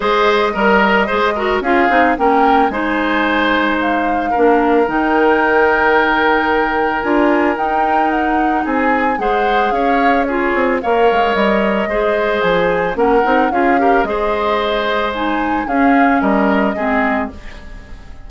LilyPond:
<<
  \new Staff \with { instrumentName = "flute" } { \time 4/4 \tempo 4 = 111 dis''2. f''4 | g''4 gis''2 f''4~ | f''4 g''2.~ | g''4 gis''4 g''4 fis''4 |
gis''4 fis''4 f''4 cis''4 | f''4 dis''2 gis''4 | fis''4 f''4 dis''2 | gis''4 f''4 dis''2 | }
  \new Staff \with { instrumentName = "oboe" } { \time 4/4 c''4 ais'4 c''8 ais'8 gis'4 | ais'4 c''2. | ais'1~ | ais'1 |
gis'4 c''4 cis''4 gis'4 | cis''2 c''2 | ais'4 gis'8 ais'8 c''2~ | c''4 gis'4 ais'4 gis'4 | }
  \new Staff \with { instrumentName = "clarinet" } { \time 4/4 gis'4 ais'4 gis'8 fis'8 f'8 dis'8 | cis'4 dis'2. | d'4 dis'2.~ | dis'4 f'4 dis'2~ |
dis'4 gis'2 f'4 | ais'2 gis'2 | cis'8 dis'8 f'8 g'8 gis'2 | dis'4 cis'2 c'4 | }
  \new Staff \with { instrumentName = "bassoon" } { \time 4/4 gis4 g4 gis4 cis'8 c'8 | ais4 gis2. | ais4 dis2.~ | dis4 d'4 dis'2 |
c'4 gis4 cis'4. c'8 | ais8 gis8 g4 gis4 f4 | ais8 c'8 cis'4 gis2~ | gis4 cis'4 g4 gis4 | }
>>